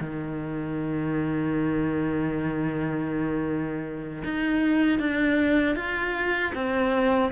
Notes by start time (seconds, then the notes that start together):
0.00 D#3
4.24 D#4
4.99 D4
5.76 F4
6.55 C4